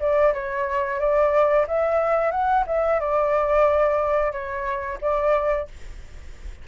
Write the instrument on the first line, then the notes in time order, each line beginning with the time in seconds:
flute
0.00 D5
0.34 C#5
0.99 D5
1.68 E5
2.31 F#5
2.67 E5
3.00 D5
4.32 C#5
5.01 D5